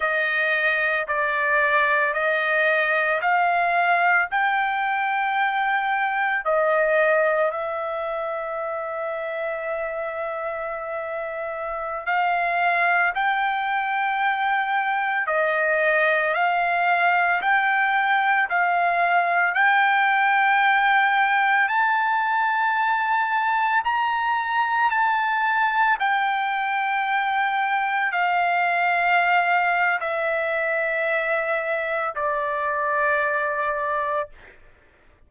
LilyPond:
\new Staff \with { instrumentName = "trumpet" } { \time 4/4 \tempo 4 = 56 dis''4 d''4 dis''4 f''4 | g''2 dis''4 e''4~ | e''2.~ e''16 f''8.~ | f''16 g''2 dis''4 f''8.~ |
f''16 g''4 f''4 g''4.~ g''16~ | g''16 a''2 ais''4 a''8.~ | a''16 g''2 f''4.~ f''16 | e''2 d''2 | }